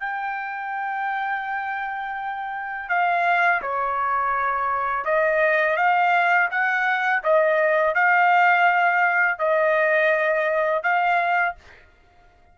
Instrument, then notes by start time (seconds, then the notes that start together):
trumpet
0.00 G5
2.89 F5
3.61 C#5
5.05 D#5
5.77 F5
6.51 F#5
7.23 D#5
7.95 F5
9.38 D#5
10.83 F5